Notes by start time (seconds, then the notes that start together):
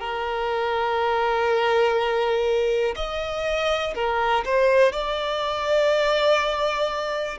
0.00 A#4
2.96 D#5
3.95 A#4
4.45 C5
4.92 D5